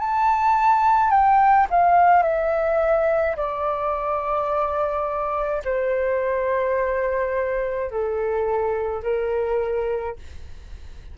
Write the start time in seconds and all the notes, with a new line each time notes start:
0.00 A5
1.11 G5
1.70 F5
2.23 E5
3.37 D5
5.65 C5
7.91 A4
9.03 A#4